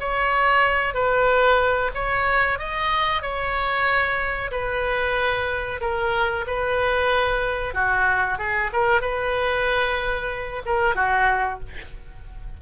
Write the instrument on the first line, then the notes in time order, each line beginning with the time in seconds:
oboe
0.00 C#5
0.94 B4
1.94 C#5
2.58 D#5
3.22 C#5
4.51 B4
5.80 A#4
6.47 B4
7.74 F#4
8.38 G#4
8.72 A#4
9.01 B4
10.65 A#4
10.95 F#4